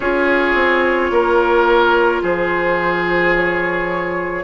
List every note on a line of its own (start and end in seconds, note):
0.00 0.54 C#4
0.00 4.43 F4
0.00 1.11 G#4
0.00 2.22 C#5
0.54 1.10 C4
1.10 2.22 A#3
1.10 2.22 A#4
2.22 4.43 F3
2.22 4.43 G#4
2.22 3.34 C5
3.35 4.43 C#5